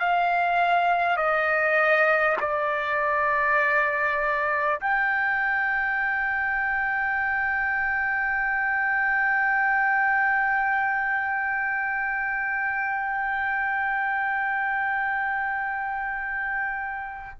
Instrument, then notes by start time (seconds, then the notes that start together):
trumpet
0.00 F5
1.17 D#5
2.40 D5
4.81 G5